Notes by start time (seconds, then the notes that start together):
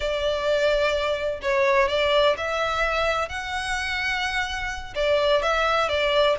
0.00 D5
1.42 C#5
1.88 D5
2.37 E5
3.28 F#5
4.95 D5
5.42 E5
5.88 D5